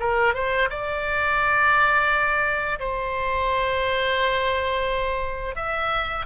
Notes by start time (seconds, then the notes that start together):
0.00 A#4
0.35 C5
0.70 D5
2.80 C5
5.56 E5